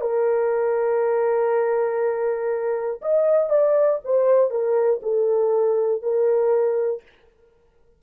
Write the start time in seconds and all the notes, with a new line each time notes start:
0.00 A#4
3.01 D#5
3.49 D5
4.04 C5
4.50 A#4
5.02 A4
6.02 A#4